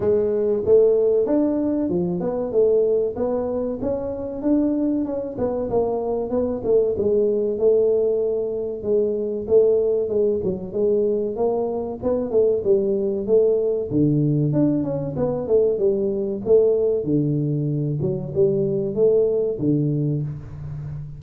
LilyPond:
\new Staff \with { instrumentName = "tuba" } { \time 4/4 \tempo 4 = 95 gis4 a4 d'4 f8 b8 | a4 b4 cis'4 d'4 | cis'8 b8 ais4 b8 a8 gis4 | a2 gis4 a4 |
gis8 fis8 gis4 ais4 b8 a8 | g4 a4 d4 d'8 cis'8 | b8 a8 g4 a4 d4~ | d8 fis8 g4 a4 d4 | }